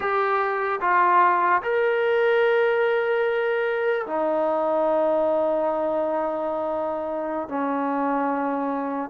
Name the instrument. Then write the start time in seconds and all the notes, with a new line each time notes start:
trombone
0.00 G4
0.81 F4
1.62 A#4
4.06 D#4
7.48 C#4